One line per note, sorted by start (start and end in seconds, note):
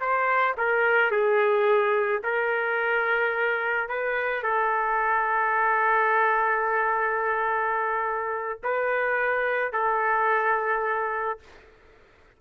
0.00 0.56 C5
0.57 1.11 A#4
1.11 2.22 G#4
2.23 3.88 A#4
3.88 4.43 B4
4.43 8.60 A4
8.63 9.72 B4
9.72 11.39 A4